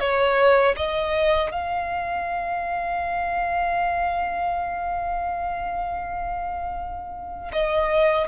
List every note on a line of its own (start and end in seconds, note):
0.00 0.75 C#5
0.76 1.51 D#5
1.52 7.52 F5
7.52 8.27 D#5